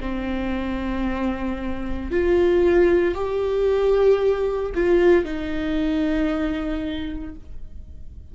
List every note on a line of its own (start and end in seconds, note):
0.00 2.11 C4
2.11 3.14 F4
3.14 4.72 G4
4.74 5.24 F4
5.24 7.34 D#4